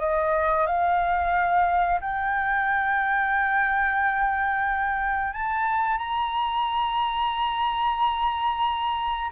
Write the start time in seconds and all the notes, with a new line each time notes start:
0.00 D#5
0.67 F5
2.01 G5
5.33 A5
5.98 A#5